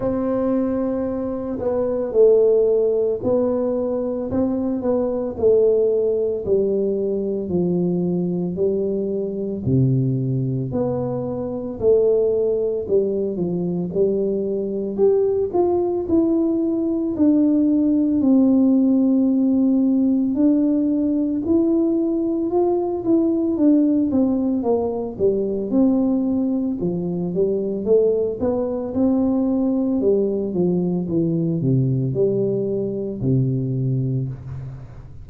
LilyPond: \new Staff \with { instrumentName = "tuba" } { \time 4/4 \tempo 4 = 56 c'4. b8 a4 b4 | c'8 b8 a4 g4 f4 | g4 c4 b4 a4 | g8 f8 g4 g'8 f'8 e'4 |
d'4 c'2 d'4 | e'4 f'8 e'8 d'8 c'8 ais8 g8 | c'4 f8 g8 a8 b8 c'4 | g8 f8 e8 c8 g4 c4 | }